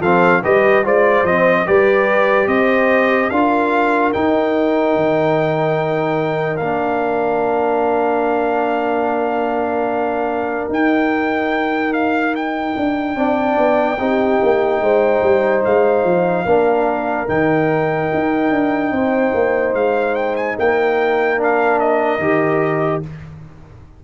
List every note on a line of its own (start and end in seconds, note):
0.00 0.41 F3
0.00 0.43 C4
0.00 0.41 A4
0.00 0.42 F5
0.43 0.85 G3
0.43 0.84 G4
0.43 0.84 B4
0.43 0.84 D#5
0.84 1.23 G#3
0.84 1.25 F4
0.84 1.66 C5
0.84 1.26 D5
1.23 1.64 F3
1.23 1.66 C4
1.23 1.67 D#5
1.66 2.47 G3
1.66 3.30 G4
1.66 2.48 B4
1.66 2.47 D5
2.47 3.29 C4
2.47 3.31 C5
2.47 3.29 D#5
3.29 4.13 D4
3.29 4.14 F4
3.29 13.17 A#4
3.29 4.12 F5
4.13 6.60 D#4
4.13 4.96 D#4
4.13 6.57 G5
4.96 6.60 D#3
6.57 10.69 A#3
6.57 10.70 D4
6.57 10.67 F5
10.69 12.74 D#4
10.69 13.15 D#4
10.69 11.93 G5
11.93 12.34 F5
12.35 15.64 G5
12.76 13.15 D4
13.15 13.56 C4
13.15 13.97 D4
13.15 14.00 D5
13.57 13.98 B3
13.98 14.40 C4
13.98 16.46 D#4
13.98 14.82 G4
14.42 14.80 A#3
14.80 15.22 G#3
14.80 16.46 C5
15.22 15.64 G3
15.64 16.04 G#3
15.64 17.28 F5
16.04 16.45 F3
16.45 17.27 A#3
16.45 17.27 D4
16.45 18.92 A#4
17.27 18.10 D#3
17.27 21.37 D#4
17.27 19.74 G5
18.13 18.50 D#4
18.50 18.91 D4
18.91 19.32 C4
18.91 20.57 C5
19.34 19.74 A#3
19.74 20.56 G#3
19.74 20.15 F5
20.15 20.35 G5
20.35 20.56 G#5
20.57 22.18 A#3
20.57 23.04 A#4
20.57 21.41 G5
21.37 22.19 D4
21.37 21.79 F5
21.79 23.03 D#5
22.18 23.01 D#3
22.18 23.02 G4